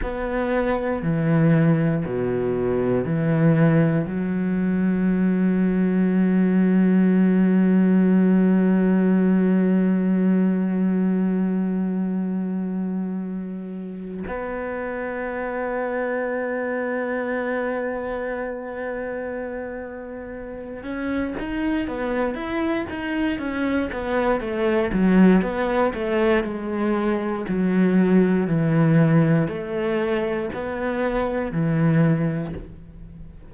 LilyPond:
\new Staff \with { instrumentName = "cello" } { \time 4/4 \tempo 4 = 59 b4 e4 b,4 e4 | fis1~ | fis1~ | fis2 b2~ |
b1~ | b8 cis'8 dis'8 b8 e'8 dis'8 cis'8 b8 | a8 fis8 b8 a8 gis4 fis4 | e4 a4 b4 e4 | }